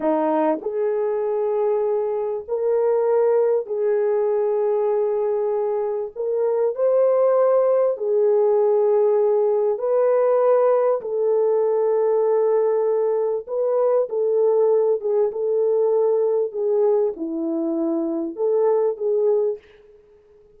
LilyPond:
\new Staff \with { instrumentName = "horn" } { \time 4/4 \tempo 4 = 98 dis'4 gis'2. | ais'2 gis'2~ | gis'2 ais'4 c''4~ | c''4 gis'2. |
b'2 a'2~ | a'2 b'4 a'4~ | a'8 gis'8 a'2 gis'4 | e'2 a'4 gis'4 | }